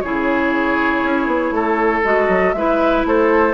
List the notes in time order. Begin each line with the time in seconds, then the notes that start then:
0.00 C#3 E4 G#4 C#5
1.02 C#4
1.26 B3
1.50 A3 A4
2.04 G#3 F#4 D#5
2.28 F#3
2.53 G#3 E4 B4 E5
3.05 A3 A4 C5